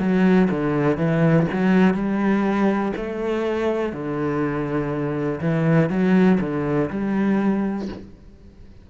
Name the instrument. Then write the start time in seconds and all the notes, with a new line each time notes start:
cello
0.00 F#3
0.51 D3
0.97 E3
1.52 F#3
1.94 G3
2.97 A3
3.93 D3
5.41 E3
5.90 F#3
6.41 D3
6.90 G3